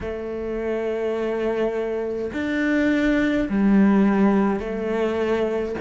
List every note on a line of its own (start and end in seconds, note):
0.01 2.31 A3
2.33 3.48 D4
3.49 4.59 G3
4.59 5.75 A3